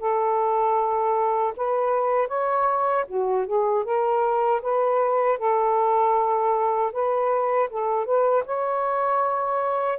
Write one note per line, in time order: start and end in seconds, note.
0.00 1.54 A4
1.57 2.28 B4
2.28 3.05 C#5
3.08 3.47 F#4
3.47 3.85 G#4
3.85 4.62 A#4
4.63 5.39 B4
5.39 6.93 A4
6.93 7.70 B4
7.70 8.06 A4
8.06 8.44 B4
8.45 9.99 C#5